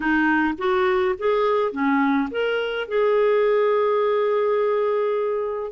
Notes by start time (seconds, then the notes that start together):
0.00 D#4
0.58 F#4
1.18 G#4
1.71 C#4
2.30 A#4
2.88 G#4